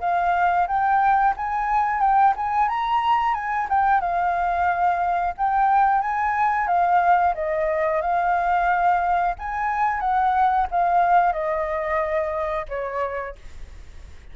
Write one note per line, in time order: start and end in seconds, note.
0.00 0.67 F5
0.67 1.34 G5
1.36 2.00 G#5
2.00 2.34 G5
2.36 2.68 G#5
2.68 3.34 A#5
3.34 3.67 G#5
3.69 4.01 G5
4.01 5.34 F5
5.37 6.01 G5
6.01 6.67 G#5
6.67 7.34 F5
7.35 8.01 D#5
8.01 9.35 F5
9.38 10.00 G#5
10.00 10.67 F#5
10.71 11.32 F5
11.32 12.66 D#5
12.68 13.35 C#5